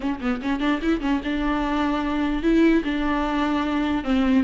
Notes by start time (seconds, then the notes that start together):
0.00 C#4
0.20 B3
0.41 C#4
0.60 D4
0.82 E4
1.00 C#4
1.24 D4
2.42 E4
2.84 D4
4.04 C4